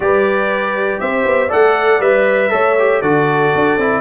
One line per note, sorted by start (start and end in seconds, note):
0.00 0.99 G3
0.00 1.49 G4
0.00 1.00 B4
0.00 0.99 D5
1.00 1.25 C4
1.00 1.48 C5
1.00 1.50 E5
1.25 1.50 B3
1.48 2.00 A3
1.48 1.99 A4
1.48 2.49 D5
1.48 2.01 F#5
2.00 2.50 G3
2.00 2.50 B4
2.00 3.01 E5
2.50 3.01 A3
2.50 2.75 A4
2.50 3.01 C#5
2.78 3.03 G4
3.01 3.52 D3
3.01 3.79 F#4
3.01 4.01 A4
3.01 4.01 D5
3.54 3.77 D4
3.77 4.01 C4
3.77 4.01 E4